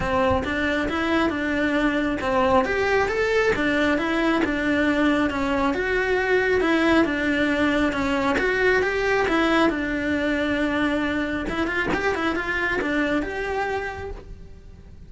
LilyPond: \new Staff \with { instrumentName = "cello" } { \time 4/4 \tempo 4 = 136 c'4 d'4 e'4 d'4~ | d'4 c'4 g'4 a'4 | d'4 e'4 d'2 | cis'4 fis'2 e'4 |
d'2 cis'4 fis'4 | g'4 e'4 d'2~ | d'2 e'8 f'8 g'8 e'8 | f'4 d'4 g'2 | }